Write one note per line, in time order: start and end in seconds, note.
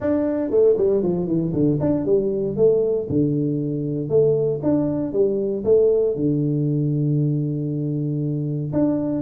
0.00 0.50 D4
0.50 0.76 A3
0.77 1.02 G3
1.03 1.27 F3
1.27 1.52 E3
1.53 1.79 D3
1.80 2.05 D4
2.05 2.56 G3
2.56 3.07 A3
3.09 4.09 D3
4.09 4.60 A3
4.62 5.13 D4
5.13 5.64 G3
5.64 6.15 A3
6.15 8.72 D3
8.72 9.21 D4